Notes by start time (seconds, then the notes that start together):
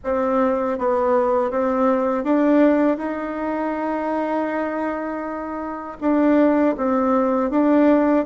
0.04 C4
0.78 B3
1.50 C4
2.24 D4
2.97 D#4
6.00 D4
6.77 C4
7.50 D4